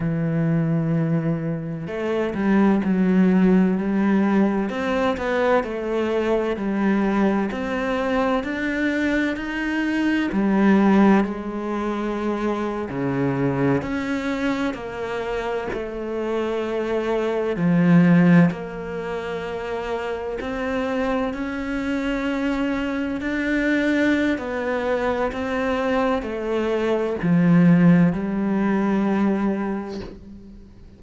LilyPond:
\new Staff \with { instrumentName = "cello" } { \time 4/4 \tempo 4 = 64 e2 a8 g8 fis4 | g4 c'8 b8 a4 g4 | c'4 d'4 dis'4 g4 | gis4.~ gis16 cis4 cis'4 ais16~ |
ais8. a2 f4 ais16~ | ais4.~ ais16 c'4 cis'4~ cis'16~ | cis'8. d'4~ d'16 b4 c'4 | a4 f4 g2 | }